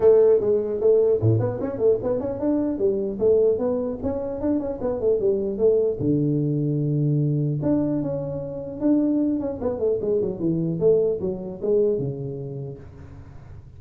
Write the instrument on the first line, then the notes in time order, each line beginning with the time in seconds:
tuba
0.00 A3
0.40 G#3
0.80 A3
1.21 A2
1.39 B3
1.61 C#4
1.78 A3
2.02 B3
2.19 C#4
2.39 D4
2.78 G3
3.19 A3
3.58 B3
4.03 C#4
4.40 D4
4.59 C#4
4.81 B3
5.00 A3
5.20 G3
5.58 A3
6.00 D3
7.62 D4
8.02 C#4
8.80 D4
9.40 C#4
9.61 B3
9.79 A3
10.01 G#3
10.21 F#3
10.39 E3
10.79 A3
11.20 F#3
11.61 G#3
11.98 C#3